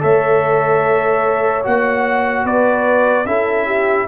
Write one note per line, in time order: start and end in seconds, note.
0.00 1.66 A3
0.00 1.62 A4
0.00 2.45 C#5
0.00 1.65 E5
1.64 2.45 A#3
1.64 3.26 F#4
1.64 2.46 F#5
2.45 3.26 B3
2.45 3.26 B4
2.45 3.27 D5
3.26 4.07 C#4
3.26 4.08 E4
3.26 3.66 A4
3.26 4.08 E5
3.66 4.07 G4